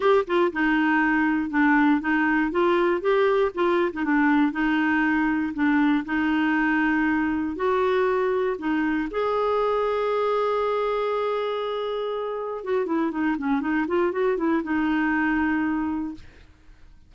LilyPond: \new Staff \with { instrumentName = "clarinet" } { \time 4/4 \tempo 4 = 119 g'8 f'8 dis'2 d'4 | dis'4 f'4 g'4 f'8. dis'16 | d'4 dis'2 d'4 | dis'2. fis'4~ |
fis'4 dis'4 gis'2~ | gis'1~ | gis'4 fis'8 e'8 dis'8 cis'8 dis'8 f'8 | fis'8 e'8 dis'2. | }